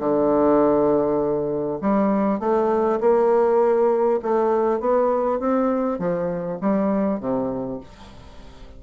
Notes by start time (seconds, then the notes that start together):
0.00 D3
1.81 G3
2.40 A3
3.01 A#3
4.23 A3
4.81 B3
5.40 C4
5.99 F3
6.61 G3
7.21 C3